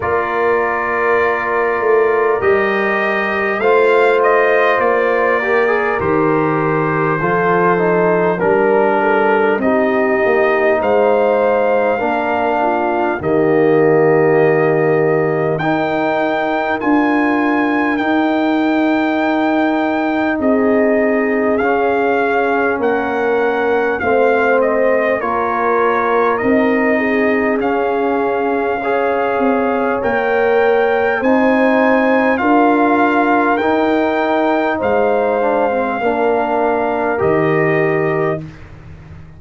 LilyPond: <<
  \new Staff \with { instrumentName = "trumpet" } { \time 4/4 \tempo 4 = 50 d''2 dis''4 f''8 dis''8 | d''4 c''2 ais'4 | dis''4 f''2 dis''4~ | dis''4 g''4 gis''4 g''4~ |
g''4 dis''4 f''4 fis''4 | f''8 dis''8 cis''4 dis''4 f''4~ | f''4 g''4 gis''4 f''4 | g''4 f''2 dis''4 | }
  \new Staff \with { instrumentName = "horn" } { \time 4/4 ais'2. c''4~ | c''8 ais'4. a'4 ais'8 a'8 | g'4 c''4 ais'8 f'8 g'4~ | g'4 ais'2.~ |
ais'4 gis'2 ais'4 | c''4 ais'4. gis'4. | cis''2 c''4 ais'4~ | ais'4 c''4 ais'2 | }
  \new Staff \with { instrumentName = "trombone" } { \time 4/4 f'2 g'4 f'4~ | f'8 g'16 gis'16 g'4 f'8 dis'8 d'4 | dis'2 d'4 ais4~ | ais4 dis'4 f'4 dis'4~ |
dis'2 cis'2 | c'4 f'4 dis'4 cis'4 | gis'4 ais'4 dis'4 f'4 | dis'4. d'16 c'16 d'4 g'4 | }
  \new Staff \with { instrumentName = "tuba" } { \time 4/4 ais4. a8 g4 a4 | ais4 dis4 f4 g4 | c'8 ais8 gis4 ais4 dis4~ | dis4 dis'4 d'4 dis'4~ |
dis'4 c'4 cis'4 ais4 | a4 ais4 c'4 cis'4~ | cis'8 c'8 ais4 c'4 d'4 | dis'4 gis4 ais4 dis4 | }
>>